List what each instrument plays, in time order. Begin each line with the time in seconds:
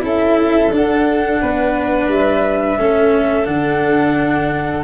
0.00 tuba C#4, cello E4, violin A4
0.06 flute E5
0.72 tuba D4, cello D4, flute F#5
1.42 tuba B3, violin B4
2.08 tuba G3, flute E5
2.79 tuba A3, cello C#4, violin A4
3.45 tuba D3, cello D4, flute F#5